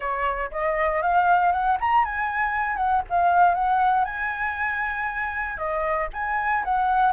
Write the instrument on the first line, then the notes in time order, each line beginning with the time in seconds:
flute
0.00 C#5
0.51 D#5
1.02 F5
1.52 F#5
1.80 A#5
2.04 G#5
2.76 F#5
3.09 F5
3.54 F#5
4.04 G#5
5.57 D#5
6.13 G#5
6.64 F#5